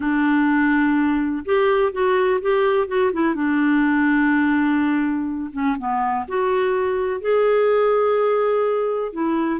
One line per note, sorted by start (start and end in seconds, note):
0.00 1.44 D4
1.45 1.92 G4
1.92 2.40 F#4
2.41 2.87 G4
2.87 3.11 F#4
3.12 3.34 E4
3.34 5.50 D4
5.52 5.76 C#4
5.78 6.26 B3
6.27 7.20 F#4
7.20 9.12 G#4
9.12 9.60 E4